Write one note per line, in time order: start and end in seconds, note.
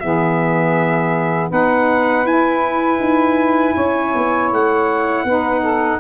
0.00 1.51 E3
0.00 1.50 B3
0.00 1.49 G#4
0.00 1.50 E5
1.49 2.24 B3
1.49 2.25 D#4
1.49 3.74 B4
1.49 2.26 F#5
2.24 2.99 E4
2.24 5.26 E4
2.24 4.51 G#5
3.00 3.75 D#4
3.75 4.14 C#4
3.75 5.25 C#5
4.15 4.52 B3
4.52 5.24 A3
4.52 6.00 F#5
5.24 5.99 B3
5.24 6.00 D#4
5.24 5.61 B4
5.61 5.98 A4